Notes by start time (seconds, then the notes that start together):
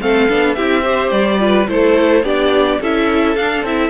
0.00 A3 C4 A4 F5
0.28 B3 D4
0.54 C4 E4 G4 E5
0.83 G4 C5
1.10 G3 D5
1.38 F4 B4
1.67 A3 E4 A4 C5
2.22 B3 D4 G4 D5
2.80 C#4 E4 A4 E5
3.36 D4 F5
3.62 C4 E4 E5